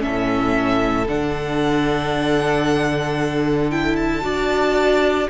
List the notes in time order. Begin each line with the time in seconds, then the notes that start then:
0.00 A2 C#4 A4 E5
1.08 D3 D4 F#5
3.71 E4 G5
3.96 A5
4.22 D4 F#4 D5